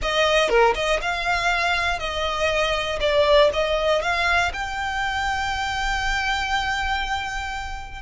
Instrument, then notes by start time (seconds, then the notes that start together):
violin
0.02 D#5
0.49 A#4
0.75 D#5
1.01 F5
1.99 D#5
3.00 D5
3.52 D#5
4.02 F5
4.53 G5